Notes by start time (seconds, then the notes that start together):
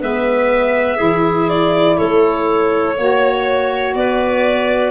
0.00 G#3 B3 B4 E5
0.97 E3 E4 G#4
1.49 D5
1.97 A3 A4 C#5
2.97 A#3 F#4 C#5
3.95 B3 B4 D5